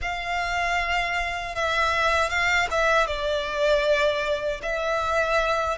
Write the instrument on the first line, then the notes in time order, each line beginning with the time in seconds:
violin
0.01 F5
1.55 E5
2.29 F5
2.70 E5
3.06 D5
4.62 E5